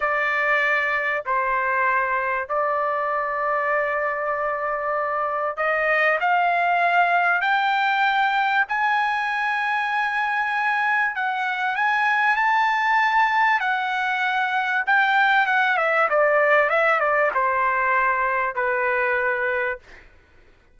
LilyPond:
\new Staff \with { instrumentName = "trumpet" } { \time 4/4 \tempo 4 = 97 d''2 c''2 | d''1~ | d''4 dis''4 f''2 | g''2 gis''2~ |
gis''2 fis''4 gis''4 | a''2 fis''2 | g''4 fis''8 e''8 d''4 e''8 d''8 | c''2 b'2 | }